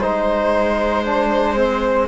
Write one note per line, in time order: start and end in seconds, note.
0.00 2.08 G#3
0.00 1.05 D#4
0.00 2.07 C5
0.00 2.08 C5
1.05 1.56 D4
1.56 2.08 C4